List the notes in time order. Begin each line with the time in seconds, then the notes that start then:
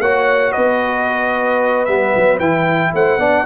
0.00 A#3 F#4 C#5 F#5
0.52 B3 B4 D#5
1.85 G3 B3 E5
2.16 F#3
2.39 E3 E4 G5
2.94 A3 C5 F#5
3.17 B3 D4 D5